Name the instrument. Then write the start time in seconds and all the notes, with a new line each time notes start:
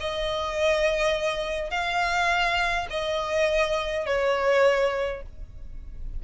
violin
0.00 D#5
1.71 F5
2.90 D#5
4.06 C#5